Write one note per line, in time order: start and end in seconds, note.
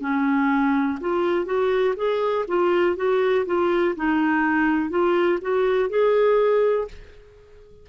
0.00 0.98 C#4
1.00 1.45 F4
1.45 1.94 F#4
1.96 2.45 G#4
2.47 2.96 F4
2.96 3.45 F#4
3.46 3.95 F4
3.95 4.90 D#4
4.90 5.39 F4
5.41 5.89 F#4
5.89 6.88 G#4